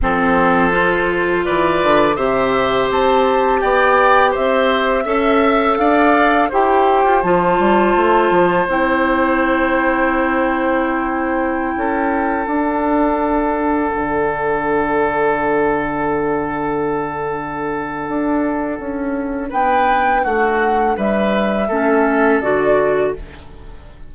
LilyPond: <<
  \new Staff \with { instrumentName = "flute" } { \time 4/4 \tempo 4 = 83 c''2 d''4 e''4 | a''4 g''4 e''2 | f''4 g''4 a''2 | g''1~ |
g''4~ g''16 fis''2~ fis''8.~ | fis''1~ | fis''2. g''4 | fis''4 e''2 d''4 | }
  \new Staff \with { instrumentName = "oboe" } { \time 4/4 a'2 b'4 c''4~ | c''4 d''4 c''4 e''4 | d''4 c''2.~ | c''1~ |
c''16 a'2.~ a'8.~ | a'1~ | a'2. b'4 | fis'4 b'4 a'2 | }
  \new Staff \with { instrumentName = "clarinet" } { \time 4/4 c'4 f'2 g'4~ | g'2. a'4~ | a'4 g'4 f'2 | e'1~ |
e'4~ e'16 d'2~ d'8.~ | d'1~ | d'1~ | d'2 cis'4 fis'4 | }
  \new Staff \with { instrumentName = "bassoon" } { \time 4/4 f2 e8 d8 c4 | c'4 b4 c'4 cis'4 | d'4 e'8. f'16 f8 g8 a8 f8 | c'1~ |
c'16 cis'4 d'2 d8.~ | d1~ | d4 d'4 cis'4 b4 | a4 g4 a4 d4 | }
>>